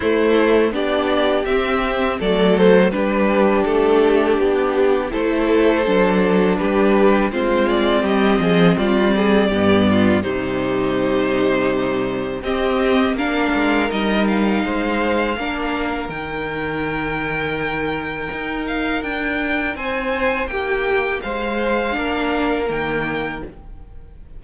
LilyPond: <<
  \new Staff \with { instrumentName = "violin" } { \time 4/4 \tempo 4 = 82 c''4 d''4 e''4 d''8 c''8 | b'4 a'4 g'4 c''4~ | c''4 b'4 c''8 d''8 dis''4 | d''2 c''2~ |
c''4 dis''4 f''4 dis''8 f''8~ | f''2 g''2~ | g''4. f''8 g''4 gis''4 | g''4 f''2 g''4 | }
  \new Staff \with { instrumentName = "violin" } { \time 4/4 e'4 g'2 a'4 | g'2. a'4~ | a'4 g'4 f'4 g'8 gis'8 | f'8 gis'8 g'8 f'8 dis'2~ |
dis'4 g'4 ais'2 | c''4 ais'2.~ | ais'2. c''4 | g'4 c''4 ais'2 | }
  \new Staff \with { instrumentName = "viola" } { \time 4/4 a4 d'4 c'4 a4 | d'2. e'4 | d'2 c'2~ | c'4 b4 g2~ |
g4 c'4 d'4 dis'4~ | dis'4 d'4 dis'2~ | dis'1~ | dis'2 d'4 ais4 | }
  \new Staff \with { instrumentName = "cello" } { \time 4/4 a4 b4 c'4 fis4 | g4 a4 b4 a4 | fis4 g4 gis4 g8 f8 | g4 g,4 c2~ |
c4 c'4 ais8 gis8 g4 | gis4 ais4 dis2~ | dis4 dis'4 d'4 c'4 | ais4 gis4 ais4 dis4 | }
>>